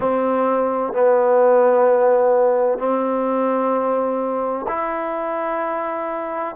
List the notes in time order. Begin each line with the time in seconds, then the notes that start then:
0.00 C4
0.93 B3
2.78 C4
4.68 E4